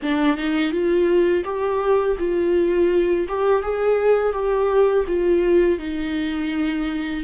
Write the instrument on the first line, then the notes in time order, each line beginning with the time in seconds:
viola
0.02 D4
0.37 D#4
0.71 F4
1.44 G4
2.19 F4
3.28 G4
3.62 G#4
4.32 G4
5.07 F4
5.78 D#4